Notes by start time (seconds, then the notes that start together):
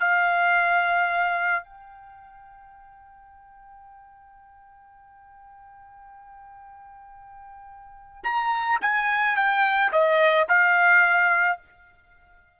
0.00 F5
1.64 G5
8.24 A#5
8.81 G#5
9.37 G5
9.92 D#5
10.49 F5